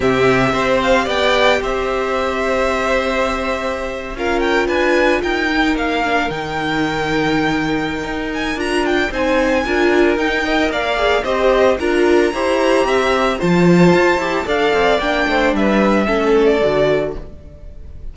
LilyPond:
<<
  \new Staff \with { instrumentName = "violin" } { \time 4/4 \tempo 4 = 112 e''4. f''8 g''4 e''4~ | e''2.~ e''8. f''16~ | f''16 g''8 gis''4 g''4 f''4 g''16~ | g''2.~ g''8 gis''8 |
ais''8 g''8 gis''2 g''4 | f''4 dis''4 ais''2~ | ais''4 a''2 f''4 | g''4 e''4.~ e''16 d''4~ d''16 | }
  \new Staff \with { instrumentName = "violin" } { \time 4/4 g'4 c''4 d''4 c''4~ | c''2.~ c''8. ais'16~ | ais'8. b'4 ais'2~ ais'16~ | ais'1~ |
ais'4 c''4 ais'4. dis''8 | d''4 c''4 ais'4 c''4 | e''4 c''2 d''4~ | d''8 c''8 b'4 a'2 | }
  \new Staff \with { instrumentName = "viola" } { \time 4/4 c'4 g'2.~ | g'2.~ g'8. f'16~ | f'2~ f'16 dis'4 d'8 dis'16~ | dis'1 |
f'4 dis'4 f'4 dis'8 ais'8~ | ais'8 gis'8 g'4 f'4 g'4~ | g'4 f'4. g'8 a'4 | d'2 cis'4 fis'4 | }
  \new Staff \with { instrumentName = "cello" } { \time 4/4 c4 c'4 b4 c'4~ | c'2.~ c'8. cis'16~ | cis'8. d'4 dis'4 ais4 dis16~ | dis2. dis'4 |
d'4 c'4 d'4 dis'4 | ais4 c'4 d'4 e'4 | c'4 f4 f'8 e'8 d'8 c'8 | ais8 a8 g4 a4 d4 | }
>>